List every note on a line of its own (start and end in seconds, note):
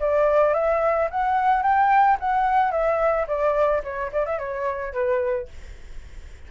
0.00 0.54 D5
0.54 1.09 E5
1.11 1.63 F#5
1.63 2.18 G5
2.20 2.71 F#5
2.71 3.26 E5
3.27 3.82 D5
3.84 4.11 C#5
4.13 4.26 D5
4.26 4.39 E5
4.39 4.93 C#5
4.93 5.48 B4